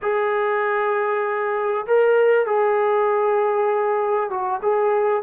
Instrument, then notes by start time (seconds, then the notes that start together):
trombone
0.02 G#4
1.86 A#4
2.46 G#4
4.30 F#4
4.62 G#4